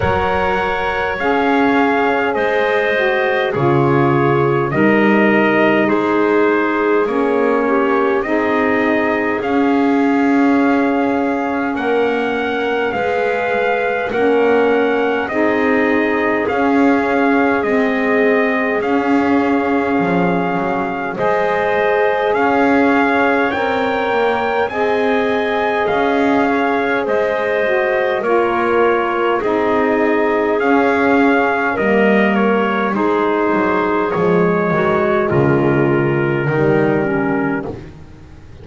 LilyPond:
<<
  \new Staff \with { instrumentName = "trumpet" } { \time 4/4 \tempo 4 = 51 fis''4 f''4 dis''4 cis''4 | dis''4 c''4 cis''4 dis''4 | f''2 fis''4 f''4 | fis''4 dis''4 f''4 dis''4 |
f''2 dis''4 f''4 | g''4 gis''4 f''4 dis''4 | cis''4 dis''4 f''4 dis''8 cis''8 | c''4 cis''4 ais'2 | }
  \new Staff \with { instrumentName = "clarinet" } { \time 4/4 cis''2 c''4 gis'4 | ais'4 gis'4. g'8 gis'4~ | gis'2 ais'4 b'4 | ais'4 gis'2.~ |
gis'2 c''4 cis''4~ | cis''4 dis''4. cis''8 c''4 | ais'4 gis'2 ais'4 | gis'4. fis'8 f'4 dis'8 cis'8 | }
  \new Staff \with { instrumentName = "saxophone" } { \time 4/4 ais'4 gis'4. fis'8 f'4 | dis'2 cis'4 dis'4 | cis'2. gis'4 | cis'4 dis'4 cis'4 c'4 |
cis'2 gis'2 | ais'4 gis'2~ gis'8 fis'8 | f'4 dis'4 cis'4 ais4 | dis'4 gis2 g4 | }
  \new Staff \with { instrumentName = "double bass" } { \time 4/4 fis4 cis'4 gis4 cis4 | g4 gis4 ais4 c'4 | cis'2 ais4 gis4 | ais4 c'4 cis'4 gis4 |
cis'4 f8 fis8 gis4 cis'4 | c'8 ais8 c'4 cis'4 gis4 | ais4 c'4 cis'4 g4 | gis8 fis8 f8 dis8 cis4 dis4 | }
>>